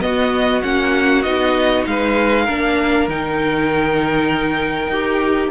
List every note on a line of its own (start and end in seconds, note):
0.00 0.61 B3
0.00 0.63 B3
0.00 1.89 F#4
0.00 0.62 D#5
0.63 1.25 A#3
0.63 1.24 C#4
0.63 1.23 F#5
1.23 1.86 B3
1.23 2.47 D#4
1.23 1.84 D#5
1.87 2.49 G#3
1.87 2.45 B4
1.87 3.09 F5
2.45 3.08 A#3
2.45 3.10 D4
2.45 5.51 A#4
3.08 4.87 D#3
3.08 4.92 D#4
3.08 5.51 G5
4.87 5.49 D#4
4.87 5.51 G4